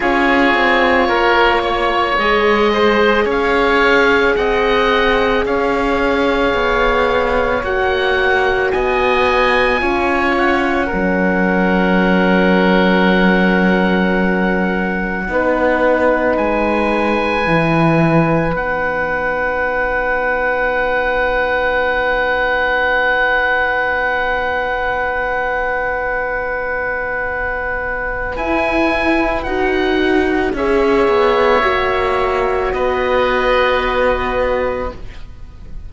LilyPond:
<<
  \new Staff \with { instrumentName = "oboe" } { \time 4/4 \tempo 4 = 55 cis''2 dis''4 f''4 | fis''4 f''2 fis''4 | gis''4. fis''2~ fis''8~ | fis''2. gis''4~ |
gis''4 fis''2.~ | fis''1~ | fis''2 gis''4 fis''4 | e''2 dis''2 | }
  \new Staff \with { instrumentName = "oboe" } { \time 4/4 gis'4 ais'8 cis''4 c''8 cis''4 | dis''4 cis''2. | dis''4 cis''4 ais'2~ | ais'2 b'2~ |
b'1~ | b'1~ | b'1 | cis''2 b'2 | }
  \new Staff \with { instrumentName = "horn" } { \time 4/4 f'2 gis'2~ | gis'2. fis'4~ | fis'4 f'4 cis'2~ | cis'2 dis'2 |
e'4 dis'2.~ | dis'1~ | dis'2 e'4 fis'4 | gis'4 fis'2. | }
  \new Staff \with { instrumentName = "cello" } { \time 4/4 cis'8 c'8 ais4 gis4 cis'4 | c'4 cis'4 b4 ais4 | b4 cis'4 fis2~ | fis2 b4 gis4 |
e4 b2.~ | b1~ | b2 e'4 dis'4 | cis'8 b8 ais4 b2 | }
>>